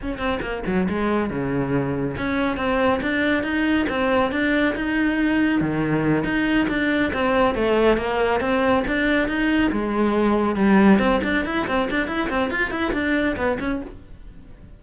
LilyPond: \new Staff \with { instrumentName = "cello" } { \time 4/4 \tempo 4 = 139 cis'8 c'8 ais8 fis8 gis4 cis4~ | cis4 cis'4 c'4 d'4 | dis'4 c'4 d'4 dis'4~ | dis'4 dis4. dis'4 d'8~ |
d'8 c'4 a4 ais4 c'8~ | c'8 d'4 dis'4 gis4.~ | gis8 g4 c'8 d'8 e'8 c'8 d'8 | e'8 c'8 f'8 e'8 d'4 b8 cis'8 | }